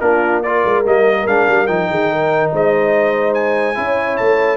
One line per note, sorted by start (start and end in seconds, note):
0.00 0.64 A#3
0.00 0.44 D4
0.00 0.44 F4
0.00 0.42 A#4
0.43 0.85 F4
0.43 1.91 A#4
0.43 0.84 D5
0.65 0.85 G#3
0.85 1.26 G3
0.85 1.27 A#3
0.85 1.27 D#5
1.26 1.47 G#3
1.26 1.67 D4
1.26 1.67 F5
1.48 1.68 G3
1.67 1.89 F3
1.67 3.75 D#4
1.67 2.50 G5
1.89 2.51 D#3
1.89 2.11 G#4
2.11 2.53 A#4
2.53 3.77 G#3
2.53 3.78 C5
2.53 3.34 D#5
3.34 4.17 G#5
3.75 4.19 C#4
3.75 4.57 E4
3.75 4.57 C#5
4.17 4.57 A3
4.17 4.57 A5